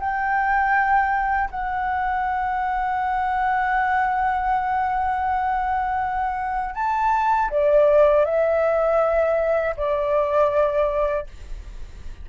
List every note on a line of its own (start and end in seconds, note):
0.00 1.50 G5
1.51 6.75 F#5
6.75 7.50 A5
7.51 8.25 D5
8.25 9.75 E5
9.77 11.27 D5